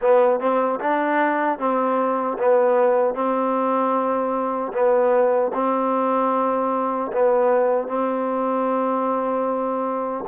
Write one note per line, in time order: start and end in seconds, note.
0.01 0.39 B3
0.39 0.79 C4
0.80 1.58 D4
1.58 2.37 C4
2.38 3.14 B3
3.14 4.72 C4
4.72 5.51 B3
5.53 7.11 C4
7.12 7.87 B3
7.87 10.24 C4